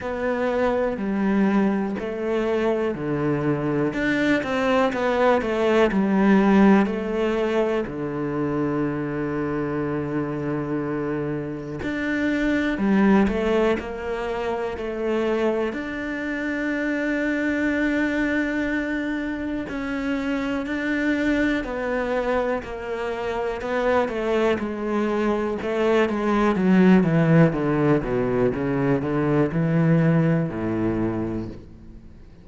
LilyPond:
\new Staff \with { instrumentName = "cello" } { \time 4/4 \tempo 4 = 61 b4 g4 a4 d4 | d'8 c'8 b8 a8 g4 a4 | d1 | d'4 g8 a8 ais4 a4 |
d'1 | cis'4 d'4 b4 ais4 | b8 a8 gis4 a8 gis8 fis8 e8 | d8 b,8 cis8 d8 e4 a,4 | }